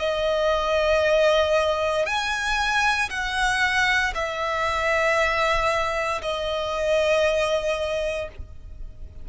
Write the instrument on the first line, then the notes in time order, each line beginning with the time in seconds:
violin
0.00 D#5
2.06 G#5
3.10 F#5
4.15 E5
6.22 D#5